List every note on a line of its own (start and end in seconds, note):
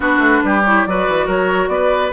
0.00 0.18 B3
0.00 0.62 D4
0.00 0.43 F#4
0.00 0.64 B4
0.18 0.40 A3
0.43 0.86 G3
0.43 0.88 G4
0.64 0.88 E4
0.64 0.85 C#5
0.85 1.07 F#3
0.85 2.12 F#4
0.85 1.26 B4
0.85 1.28 D5
1.08 1.26 E3
1.26 1.67 F#3
1.26 1.68 A#4
1.26 1.68 C#5
1.67 2.10 B3
1.67 2.12 B4
1.67 2.11 D5